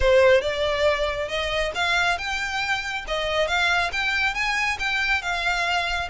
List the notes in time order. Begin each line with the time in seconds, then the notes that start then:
0.00 C5
0.41 D5
1.28 D#5
1.74 F5
2.18 G5
3.07 D#5
3.47 F5
3.92 G5
4.34 G#5
4.79 G5
5.22 F5